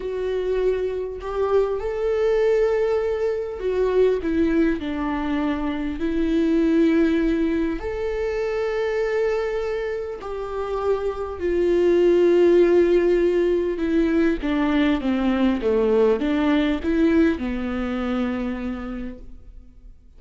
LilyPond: \new Staff \with { instrumentName = "viola" } { \time 4/4 \tempo 4 = 100 fis'2 g'4 a'4~ | a'2 fis'4 e'4 | d'2 e'2~ | e'4 a'2.~ |
a'4 g'2 f'4~ | f'2. e'4 | d'4 c'4 a4 d'4 | e'4 b2. | }